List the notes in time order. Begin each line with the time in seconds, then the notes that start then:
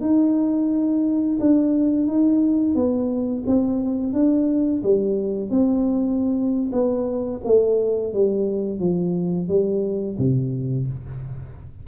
0.00 D#4
1.39 D4
2.07 D#4
2.74 B3
3.46 C4
4.13 D4
4.82 G3
5.50 C4
6.72 B3
7.44 A3
8.13 G3
8.79 F3
9.48 G3
10.18 C3